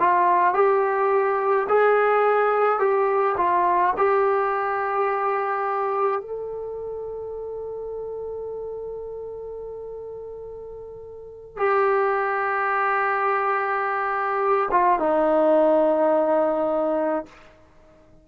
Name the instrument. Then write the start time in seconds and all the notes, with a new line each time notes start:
trombone
0.00 F4
0.55 G4
1.69 G#4
2.79 G4
3.38 F4
3.98 G4
6.21 A4
11.58 G4
14.71 F4
14.99 D#4